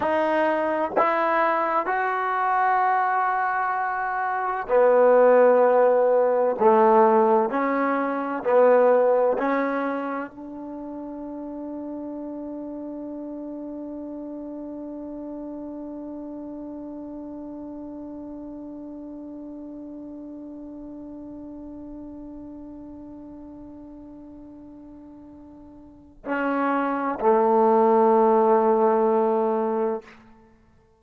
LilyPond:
\new Staff \with { instrumentName = "trombone" } { \time 4/4 \tempo 4 = 64 dis'4 e'4 fis'2~ | fis'4 b2 a4 | cis'4 b4 cis'4 d'4~ | d'1~ |
d'1~ | d'1~ | d'1 | cis'4 a2. | }